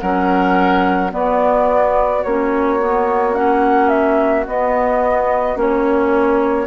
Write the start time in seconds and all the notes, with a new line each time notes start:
0.00 F#3 C#4 A#4 F#5
1.11 B3 F#4 D5
2.24 A#3 C#4 C#5
2.79 B3
3.34 C#4 F#5
3.89 E5
4.47 B3 D#5
5.56 A#3 C#4 C#5